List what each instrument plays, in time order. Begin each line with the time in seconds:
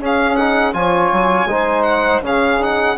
0.00 bassoon C#4, trombone C#4, saxophone G#4, violin F5
0.37 trombone D#4, violin F#5
0.74 bassoon F3, trombone F4, saxophone C#5, violin G#5
1.12 bassoon F#3
1.46 bassoon G#3, trombone D#4, saxophone C5
1.83 violin F#5
2.22 bassoon C#3, trombone C#4, saxophone G#4, violin F5
2.60 trombone D#4, violin F#5